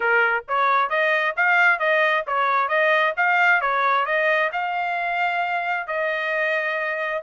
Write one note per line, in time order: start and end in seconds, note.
0.00 0.44 A#4
0.48 0.89 C#5
0.89 1.34 D#5
1.36 1.79 F5
1.79 2.24 D#5
2.26 2.68 C#5
2.68 3.13 D#5
3.17 3.61 F5
3.61 4.05 C#5
4.05 4.50 D#5
4.52 5.87 F5
5.87 7.22 D#5